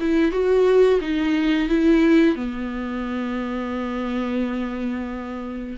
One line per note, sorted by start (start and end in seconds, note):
0.00 0.31 E4
0.31 0.99 F#4
1.01 1.69 D#4
1.69 2.36 E4
2.36 5.76 B3